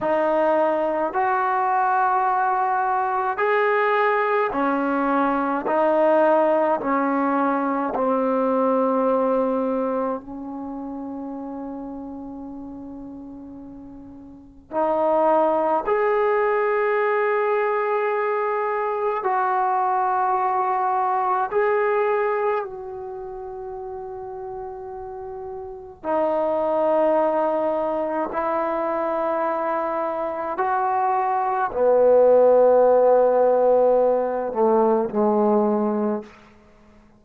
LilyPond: \new Staff \with { instrumentName = "trombone" } { \time 4/4 \tempo 4 = 53 dis'4 fis'2 gis'4 | cis'4 dis'4 cis'4 c'4~ | c'4 cis'2.~ | cis'4 dis'4 gis'2~ |
gis'4 fis'2 gis'4 | fis'2. dis'4~ | dis'4 e'2 fis'4 | b2~ b8 a8 gis4 | }